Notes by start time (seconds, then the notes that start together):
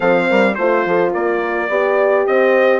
0.00 F3 C4 A4 F5
0.29 G3 A#4
0.54 A3 F4 C5
0.85 F3 A4
1.12 A#3 A#4 D5
1.68 B3 G4 D5
2.26 C4 C5 D#5